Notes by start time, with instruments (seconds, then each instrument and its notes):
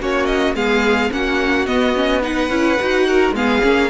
0.00 cello A#3, viola C#4, violin F#4 C#5
0.26 violin D#5
0.55 cello G#3, viola B3, violin G#4 F5
1.12 cello A#3, viola C#4, violin F#4 F#5
1.66 viola B3, cello B3, violin D#5
1.95 viola C#4
2.22 viola D#4, violin B4 F#5
2.50 cello C#4, viola E4
2.80 cello D#4, viola F#4
3.08 violin A#4
3.32 cello G#3, viola B3, violin G#4 F5
3.62 cello A#3, viola C#4